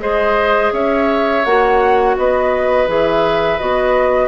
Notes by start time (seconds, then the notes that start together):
0.00 G#3 G#4 C5 D#5
0.72 C#4 C#5 E5
1.45 A#3 F#4 F#5
2.17 B3 B4 D#5
2.88 E3 G#4 E5
3.59 B3 F#4 D#5